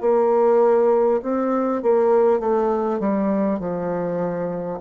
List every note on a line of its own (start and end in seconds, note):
0.00 1.20 A#3
1.22 1.82 C4
1.82 2.39 A#3
2.39 2.99 A3
2.99 3.59 G3
3.59 4.79 F3